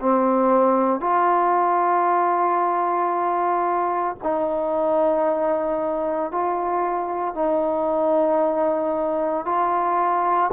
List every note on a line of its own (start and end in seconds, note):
0.00 1.01 C4
1.01 4.17 F4
4.23 6.32 D#4
6.32 7.35 F4
7.35 9.46 D#4
9.46 10.51 F4